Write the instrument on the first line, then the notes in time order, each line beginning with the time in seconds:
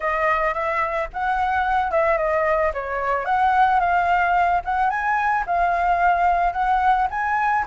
flute
0.00 D#5
0.54 E5
1.13 F#5
1.91 E5
2.17 D#5
2.73 C#5
3.25 F#5
3.80 F5
4.64 F#5
4.89 G#5
5.46 F5
6.53 F#5
7.10 G#5